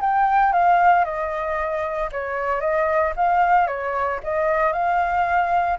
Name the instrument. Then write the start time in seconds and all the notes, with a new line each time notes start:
flute
0.00 G5
0.52 F5
1.04 D#5
2.11 C#5
2.60 D#5
3.16 F5
3.67 C#5
4.23 D#5
4.72 F5